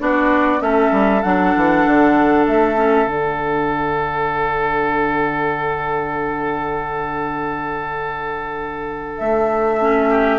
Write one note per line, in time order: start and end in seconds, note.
0.00 0.61 B3
0.00 0.60 D4
0.00 0.63 F#4
0.00 0.61 D5
0.60 0.91 A3
0.60 1.21 C#4
0.60 10.10 A4
0.60 1.23 E5
0.92 1.22 G3
1.23 1.55 F#3
1.23 2.77 D4
1.23 2.45 F#5
1.56 1.86 E3
1.86 2.47 D3
2.47 3.07 A3
2.47 3.08 E5
2.77 3.06 C#4
3.06 9.19 D3
3.06 9.79 D4
3.06 9.18 F#5
9.18 10.39 A3
9.18 10.39 E5
9.81 10.39 C#4
10.10 10.39 G4